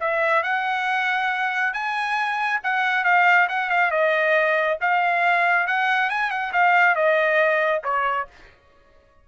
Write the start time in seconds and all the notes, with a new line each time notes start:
0.00 E5
0.43 F#5
1.73 G#5
2.63 F#5
3.04 F5
3.48 F#5
3.70 F5
3.91 D#5
4.81 F5
5.67 F#5
6.09 G#5
6.30 F#5
6.53 F5
6.95 D#5
7.84 C#5